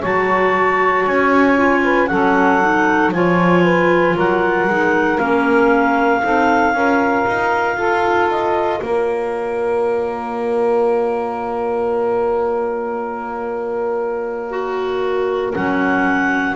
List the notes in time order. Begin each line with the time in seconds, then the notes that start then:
0.00 F#3 F#4 C#5 A5
1.06 C#4 G#5
1.56 F4
1.84 B4
2.07 F#3 C#4 A4 F#5
2.61 D#4
3.12 F3 F4 C#5 G#5
3.63 B4
4.15 F#3 A#4 F#5
4.67 G#3 D#4
5.19 A#3 C#4 F5
6.22 C4 D#4 A4
6.74 C#4 F4 A#4
7.27 D#4
7.76 F4 A4
8.31 D#5
8.82 A#3 A#4 C#5
14.50 F#4
15.54 F#3 C#4 F#5